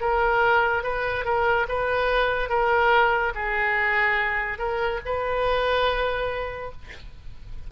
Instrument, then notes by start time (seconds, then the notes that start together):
oboe
0.00 A#4
0.83 B4
1.24 A#4
1.68 B4
2.49 A#4
3.34 G#4
4.58 A#4
5.05 B4